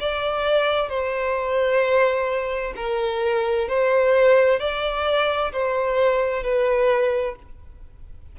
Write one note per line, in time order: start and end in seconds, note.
0.00 0.89 D5
0.89 2.74 C5
2.76 3.68 A#4
3.68 4.59 C5
4.59 5.52 D5
5.52 6.43 C5
6.43 7.35 B4